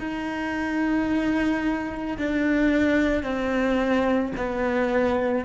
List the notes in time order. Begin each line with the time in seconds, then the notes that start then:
0.00 D#4
2.18 D4
3.24 C4
4.37 B3